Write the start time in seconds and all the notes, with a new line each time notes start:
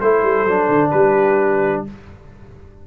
0.00 A3 E4 A4 C5
0.22 G3
0.44 F#3 D4
0.68 D3
0.90 G3 G4 B4